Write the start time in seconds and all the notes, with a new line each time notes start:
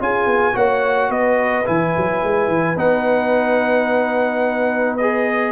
0.00 C#4 F4 G#4 G#5
0.26 B3
0.53 A#3 F#4 C#5 F#5
1.09 B3 B4 D#5
1.65 E3 E4 G#5
1.97 F#3
2.23 G#3
2.48 E3
2.77 B3 D#4 F#5
4.97 G#4 D#5